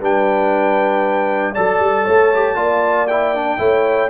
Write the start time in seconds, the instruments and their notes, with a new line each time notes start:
0.00 tuba G3, trombone D4, horn B4, trumpet G5
1.53 tuba F#3, trombone A4, horn D5, trumpet A5
1.80 tuba G3
2.04 tuba A3, horn C#5
2.35 trombone G4
2.56 tuba A#3, trombone F4, horn D5
3.08 trombone E4, trumpet G5
3.36 trombone D4
3.58 tuba A3, trombone E4, horn C#5